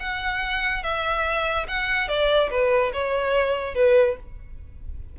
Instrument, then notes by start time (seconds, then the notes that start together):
violin
0.00 F#5
0.83 E5
1.68 F#5
2.08 D5
2.50 B4
2.93 C#5
3.75 B4